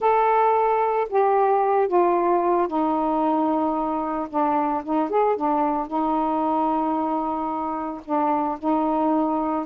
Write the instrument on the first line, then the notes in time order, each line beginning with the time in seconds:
saxophone
0.00 A4
1.09 G4
1.87 F4
2.67 D#4
4.29 D4
4.84 D#4
5.09 G#4
5.36 D4
5.87 D#4
8.05 D4
8.58 D#4